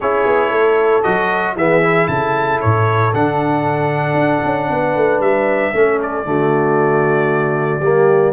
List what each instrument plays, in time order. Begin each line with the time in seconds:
0.00 tuba C#4, trombone E4, horn G#4, trumpet C#5
0.25 tuba B3
0.49 tuba A3, horn A4
1.02 tuba F#3, trombone F#4, trumpet D#5
1.55 tuba E3, trombone B3, horn G#4, trumpet E5
1.82 trombone E4
2.07 tuba C#3, horn A4, trumpet A5
2.61 tuba A2, trumpet C#5
3.14 tuba D3, trombone D4, trumpet F#5
4.14 tuba D4
4.44 tuba C#4
4.70 tuba B3, horn B4
4.95 tuba A3
5.20 tuba G3, trumpet E5
5.73 tuba A3, trombone C#4, horn A4
6.02 trumpet D5
6.24 tuba D3, trombone A3, horn F#4
7.80 tuba G3, trombone A#3, horn G4